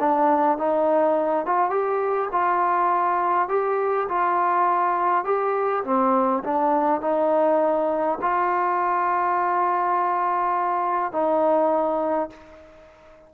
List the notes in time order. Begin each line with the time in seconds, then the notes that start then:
0.00 D4
0.58 D#4
1.46 F4
1.70 G4
2.32 F4
3.49 G4
4.09 F4
5.25 G4
5.85 C4
6.44 D4
7.01 D#4
8.22 F4
11.13 D#4